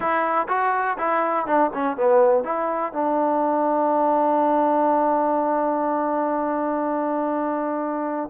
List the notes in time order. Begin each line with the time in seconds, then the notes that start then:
0.00 E4
0.48 F#4
0.98 E4
1.46 D4
1.73 C#4
1.96 B3
2.44 E4
2.92 D4